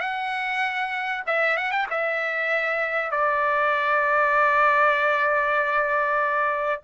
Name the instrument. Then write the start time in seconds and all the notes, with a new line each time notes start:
trumpet
0.00 F#5
1.26 E5
1.57 F#5
1.71 G5
1.90 E5
3.11 D5